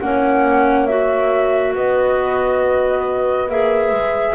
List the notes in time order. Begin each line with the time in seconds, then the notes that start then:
0.00 A#3 C#4 C#5 F#5
0.86 F#4 E5
1.75 B3 B4 D#5
3.49 A#3 G#4 E5
3.91 G#3